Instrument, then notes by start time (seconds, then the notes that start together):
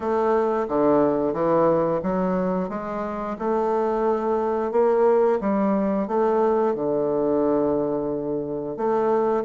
bassoon
0.00 A3
0.68 D3
1.33 E3
2.02 F#3
2.69 G#3
3.39 A3
4.71 A#3
5.40 G3
6.07 A3
6.74 D3
8.76 A3